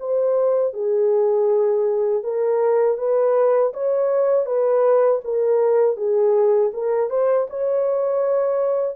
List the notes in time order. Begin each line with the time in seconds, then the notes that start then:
0.00 C5
0.74 G#4
2.24 A#4
2.98 B4
3.74 C#5
4.46 B4
5.24 A#4
5.97 G#4
6.74 A#4
7.10 C5
7.50 C#5